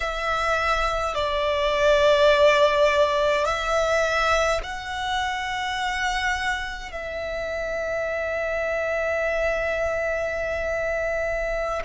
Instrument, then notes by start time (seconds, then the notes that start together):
violin
0.00 E5
1.14 D5
3.45 E5
4.63 F#5
6.91 E5